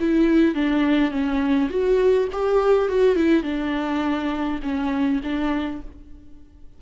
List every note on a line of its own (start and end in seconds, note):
0.00 0.55 E4
0.55 1.11 D4
1.11 1.69 C#4
1.70 2.28 F#4
2.32 2.89 G4
2.89 3.16 F#4
3.16 3.43 E4
3.43 4.60 D4
4.63 5.21 C#4
5.23 5.82 D4